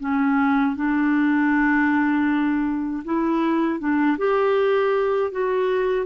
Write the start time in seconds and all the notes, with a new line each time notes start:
0.00 C#4
0.76 D4
3.05 E4
3.79 D4
4.18 G4
5.31 F#4